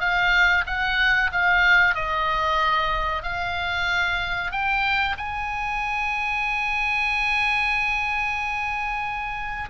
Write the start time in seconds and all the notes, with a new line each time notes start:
0.00 F5
0.66 F#5
1.32 F5
1.95 D#5
3.23 F5
4.52 G5
5.18 G#5